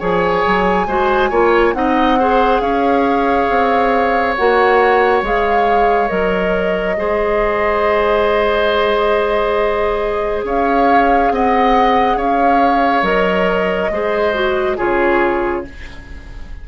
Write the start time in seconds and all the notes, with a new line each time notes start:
0.00 F3 G#4 C#5 G#5
0.47 F#3
0.87 G#3 F#4 C5
1.30 A#3 F4 C#5
1.74 C4 D#4 D#5 F#5
2.20 G#4 C5
2.61 C#4 C#5 F5
3.50 C4
4.36 A#3 F#4 F#5
5.23 G#3 G#4 F5
6.09 F#3 A#4 D#5
6.97 G#3 G#4 C5
10.44 C#4 C#5 F5
11.31 C4 D#5 F#5
12.16 C#4 C#5 F5
13.03 F#3 A#4 D#5
13.91 G#3 G#4 C5
14.34 F#4
14.78 C#3 F4 G#4 C#5